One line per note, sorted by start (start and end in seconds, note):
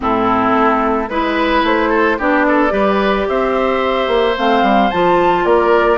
0.00 0.53 A2
0.00 1.08 C4
0.00 1.09 E4
0.00 1.09 A4
0.53 1.08 A3
1.09 1.63 G#3
1.09 2.19 E4
1.09 1.63 B4
1.09 1.89 B4
1.63 2.17 A3
1.63 2.20 C5
1.89 2.16 A4
2.18 2.71 B3
2.18 2.69 D4
2.18 2.45 G4
2.18 3.27 D5
2.47 2.72 A4
2.69 3.26 G3
2.69 4.33 G4
2.69 3.27 B4
3.27 4.07 C4
3.27 5.44 C5
3.27 4.37 E5
4.07 4.34 A#3
4.37 4.62 A3
4.37 4.91 C4
4.37 4.90 F5
4.62 4.89 G3
4.90 5.44 F3
4.90 5.97 F4
4.90 5.45 A5
5.44 5.97 A#3
5.44 5.97 A#4
5.44 5.97 D5